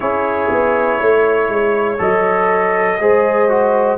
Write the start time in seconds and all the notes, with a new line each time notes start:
0.00 C#4 E4 G#4 C#5
0.51 B3
1.00 A3 C#5
1.49 G#3
1.98 F#3 A4 D#5
3.00 G#3 G#4 C5
3.49 F#4